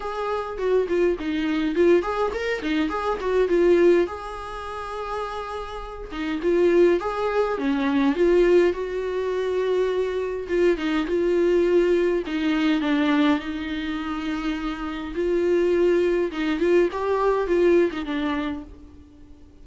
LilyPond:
\new Staff \with { instrumentName = "viola" } { \time 4/4 \tempo 4 = 103 gis'4 fis'8 f'8 dis'4 f'8 gis'8 | ais'8 dis'8 gis'8 fis'8 f'4 gis'4~ | gis'2~ gis'8 dis'8 f'4 | gis'4 cis'4 f'4 fis'4~ |
fis'2 f'8 dis'8 f'4~ | f'4 dis'4 d'4 dis'4~ | dis'2 f'2 | dis'8 f'8 g'4 f'8. dis'16 d'4 | }